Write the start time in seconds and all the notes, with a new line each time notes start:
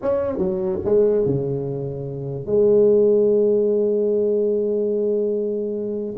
0.02 C#4
0.37 F#3
0.85 G#3
1.25 C#3
2.46 G#3